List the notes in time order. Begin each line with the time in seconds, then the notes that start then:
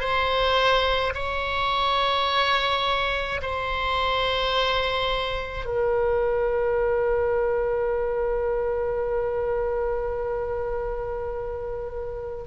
0.00 C5
1.15 C#5
3.42 C5
5.65 A#4